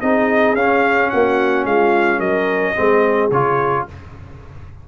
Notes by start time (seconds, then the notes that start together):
0.00 C4 D#4 G#4 D#5
0.54 C#4 F5
1.10 A#3 F#4 F#5
1.65 G#3 F4 F5
2.18 F#3 A#4 D#5
2.74 G#3 C4 G#4
3.30 C#3 F4 C#5